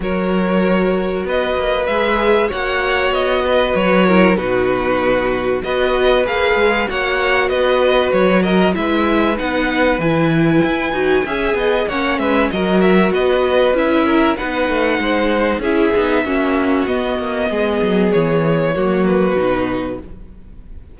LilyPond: <<
  \new Staff \with { instrumentName = "violin" } { \time 4/4 \tempo 4 = 96 cis''2 dis''4 e''4 | fis''4 dis''4 cis''4 b'4~ | b'4 dis''4 f''4 fis''4 | dis''4 cis''8 dis''8 e''4 fis''4 |
gis''2. fis''8 e''8 | dis''8 e''8 dis''4 e''4 fis''4~ | fis''4 e''2 dis''4~ | dis''4 cis''4. b'4. | }
  \new Staff \with { instrumentName = "violin" } { \time 4/4 ais'2 b'2 | cis''4. b'4 ais'8 fis'4~ | fis'4 b'2 cis''4 | b'4. ais'8 b'2~ |
b'2 e''8 dis''8 cis''8 b'8 | ais'4 b'4. ais'8 b'4 | c''4 gis'4 fis'2 | gis'2 fis'2 | }
  \new Staff \with { instrumentName = "viola" } { \time 4/4 fis'2. gis'4 | fis'2~ fis'8 e'8 dis'4~ | dis'4 fis'4 gis'4 fis'4~ | fis'2 e'4 dis'4 |
e'4. fis'8 gis'4 cis'4 | fis'2 e'4 dis'4~ | dis'4 e'8 dis'8 cis'4 b4~ | b2 ais4 dis'4 | }
  \new Staff \with { instrumentName = "cello" } { \time 4/4 fis2 b8 ais8 gis4 | ais4 b4 fis4 b,4~ | b,4 b4 ais8 gis8 ais4 | b4 fis4 gis4 b4 |
e4 e'8 dis'8 cis'8 b8 ais8 gis8 | fis4 b4 cis'4 b8 a8 | gis4 cis'8 b8 ais4 b8 ais8 | gis8 fis8 e4 fis4 b,4 | }
>>